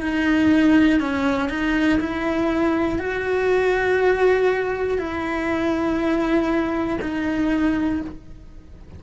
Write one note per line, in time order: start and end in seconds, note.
0.00 1.00 D#4
1.00 1.49 C#4
1.49 1.99 D#4
2.00 2.99 E4
2.99 4.98 F#4
4.98 6.98 E4
7.01 8.01 D#4